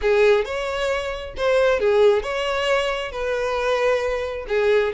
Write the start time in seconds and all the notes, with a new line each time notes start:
0.01 G#4
0.45 C#5
1.36 C5
1.79 G#4
2.22 C#5
3.11 B4
4.48 G#4